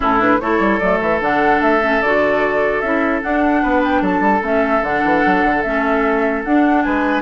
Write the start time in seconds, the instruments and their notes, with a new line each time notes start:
0.00 bassoon A2, clarinet C#4, oboe E4, flute A4
0.19 clarinet D4, flute B4
0.40 bassoon A3, clarinet E4, oboe A4, flute C#5
0.59 bassoon G3
0.79 bassoon F#3, clarinet A3, flute D5
0.99 bassoon E3, flute E5
1.20 bassoon D3, clarinet D4, flute F#5
1.61 bassoon A3, flute E5
1.81 clarinet C#4
2.02 bassoon D3, clarinet F#4, flute D5
2.80 bassoon C#4, clarinet E4, flute E5
3.22 clarinet D4, bassoon D4, flute F#5
3.62 bassoon B3, oboe B4
3.84 flute G5
4.01 bassoon F#3, oboe A4, flute A5
4.20 bassoon G3
4.41 bassoon A3, clarinet C#4, flute E5
4.82 bassoon D3, clarinet D4, flute F#5
5.04 bassoon E3
5.25 bassoon F#3
5.44 bassoon D3
5.62 bassoon A3, clarinet C#4, flute E5
6.44 bassoon D4, clarinet D4, flute F#5
6.82 bassoon G#3, oboe B4, flute G#5